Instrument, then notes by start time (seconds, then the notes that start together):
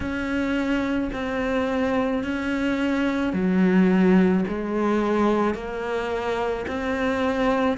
cello
0.00 C#4
1.13 C4
2.23 C#4
3.33 F#3
4.47 G#3
5.54 A#3
6.67 C4